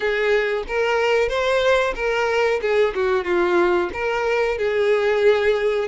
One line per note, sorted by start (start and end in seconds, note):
0.00 0.64 G#4
0.67 1.28 A#4
1.28 1.94 C5
1.95 2.60 A#4
2.61 2.93 G#4
2.95 3.24 F#4
3.24 3.90 F4
3.93 4.57 A#4
4.57 5.88 G#4